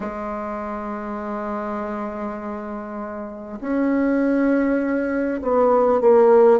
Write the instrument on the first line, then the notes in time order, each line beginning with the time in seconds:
bassoon
0.00 G#3
3.60 C#4
5.42 B3
6.00 A#3